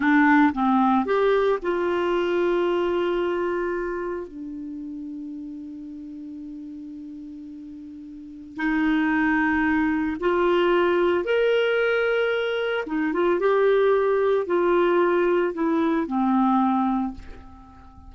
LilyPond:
\new Staff \with { instrumentName = "clarinet" } { \time 4/4 \tempo 4 = 112 d'4 c'4 g'4 f'4~ | f'1 | d'1~ | d'1 |
dis'2. f'4~ | f'4 ais'2. | dis'8 f'8 g'2 f'4~ | f'4 e'4 c'2 | }